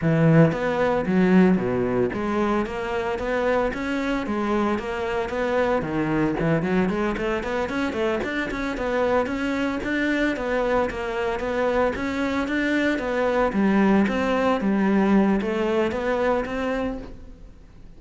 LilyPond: \new Staff \with { instrumentName = "cello" } { \time 4/4 \tempo 4 = 113 e4 b4 fis4 b,4 | gis4 ais4 b4 cis'4 | gis4 ais4 b4 dis4 | e8 fis8 gis8 a8 b8 cis'8 a8 d'8 |
cis'8 b4 cis'4 d'4 b8~ | b8 ais4 b4 cis'4 d'8~ | d'8 b4 g4 c'4 g8~ | g4 a4 b4 c'4 | }